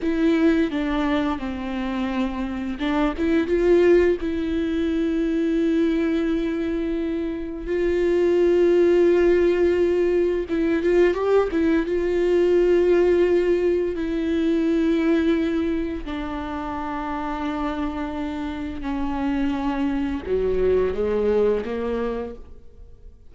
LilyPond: \new Staff \with { instrumentName = "viola" } { \time 4/4 \tempo 4 = 86 e'4 d'4 c'2 | d'8 e'8 f'4 e'2~ | e'2. f'4~ | f'2. e'8 f'8 |
g'8 e'8 f'2. | e'2. d'4~ | d'2. cis'4~ | cis'4 fis4 gis4 ais4 | }